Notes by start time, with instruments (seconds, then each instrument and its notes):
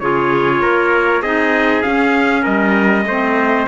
0.00 cello C#3, clarinet F4, trumpet G#4 C#5
0.61 cello A#3, trumpet A#4
1.22 cello C4, clarinet D#4, trumpet G#4 D#5
1.83 clarinet C#4, cello C#4, trumpet F5
2.43 cello G3, trumpet A#4 D#5
3.06 cello A3, clarinet C4, trumpet C5